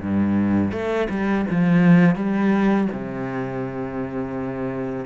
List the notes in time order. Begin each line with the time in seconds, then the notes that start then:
0.00 G2
0.72 A3
1.09 G3
1.50 F3
2.15 G3
2.92 C3